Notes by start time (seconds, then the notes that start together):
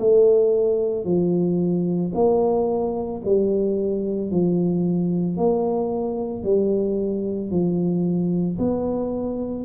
0.00 A3
1.05 F3
2.15 A#3
3.25 G3
4.31 F3
5.37 A#3
6.43 G3
7.50 F3
8.58 B3